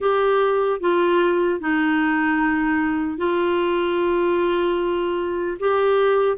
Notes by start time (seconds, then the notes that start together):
0.00 G4
0.80 F4
1.60 D#4
3.17 F4
5.59 G4